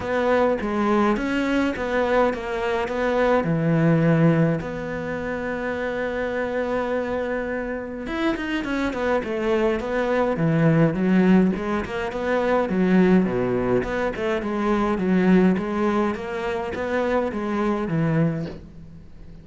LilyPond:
\new Staff \with { instrumentName = "cello" } { \time 4/4 \tempo 4 = 104 b4 gis4 cis'4 b4 | ais4 b4 e2 | b1~ | b2 e'8 dis'8 cis'8 b8 |
a4 b4 e4 fis4 | gis8 ais8 b4 fis4 b,4 | b8 a8 gis4 fis4 gis4 | ais4 b4 gis4 e4 | }